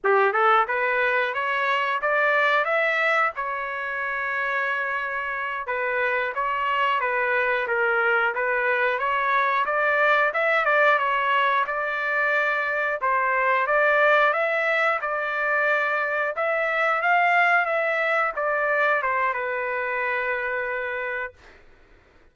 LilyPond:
\new Staff \with { instrumentName = "trumpet" } { \time 4/4 \tempo 4 = 90 g'8 a'8 b'4 cis''4 d''4 | e''4 cis''2.~ | cis''8 b'4 cis''4 b'4 ais'8~ | ais'8 b'4 cis''4 d''4 e''8 |
d''8 cis''4 d''2 c''8~ | c''8 d''4 e''4 d''4.~ | d''8 e''4 f''4 e''4 d''8~ | d''8 c''8 b'2. | }